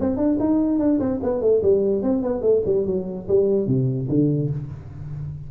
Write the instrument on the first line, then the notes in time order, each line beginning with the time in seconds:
tuba
0.00 C4
0.17 D4
0.39 D#4
0.79 D4
1.00 C4
1.23 B3
1.41 A3
1.62 G3
2.02 C4
2.22 B3
2.42 A3
2.65 G3
2.86 F#3
3.28 G3
3.67 C3
4.09 D3